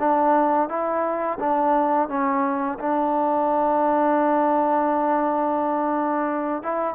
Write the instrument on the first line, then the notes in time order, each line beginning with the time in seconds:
trombone
0.00 D4
0.69 E4
1.40 D4
2.09 C#4
2.79 D4
6.63 E4